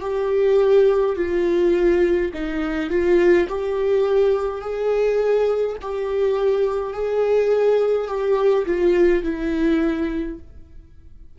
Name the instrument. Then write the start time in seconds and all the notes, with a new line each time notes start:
viola
0.00 G4
1.16 F4
2.33 D#4
2.90 F4
3.48 G4
4.61 G#4
5.81 G4
6.93 G#4
8.08 G4
8.65 F4
9.23 E4